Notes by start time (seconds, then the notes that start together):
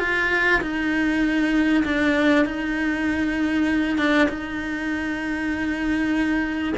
0.00 F4
0.62 D#4
1.85 D4
2.45 D#4
3.98 D4
4.29 D#4